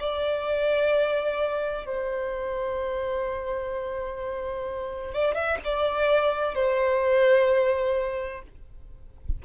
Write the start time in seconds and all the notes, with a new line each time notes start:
0.00 D5
1.86 C5
5.14 D5
5.35 E5
5.65 D5
6.55 C5